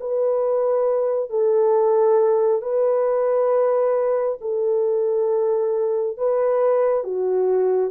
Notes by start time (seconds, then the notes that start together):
0.00 B4
1.30 A4
2.61 B4
4.41 A4
6.17 B4
7.03 F#4